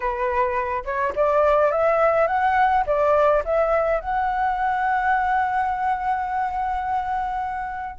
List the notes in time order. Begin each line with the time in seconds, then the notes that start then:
0.00 B4
0.84 C#5
1.15 D5
1.71 E5
2.27 F#5
2.86 D5
3.44 E5
4.00 F#5